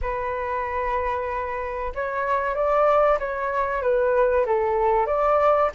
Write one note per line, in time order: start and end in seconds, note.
0.01 1.93 B4
1.95 2.54 C#5
2.54 3.18 D5
3.19 3.82 C#5
3.82 4.45 B4
4.45 5.06 A4
5.06 5.70 D5